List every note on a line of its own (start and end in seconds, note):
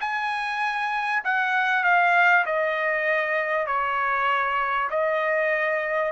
0.00 1.22 G#5
1.24 1.84 F#5
1.84 2.45 F5
2.46 3.67 D#5
3.67 4.89 C#5
4.90 6.12 D#5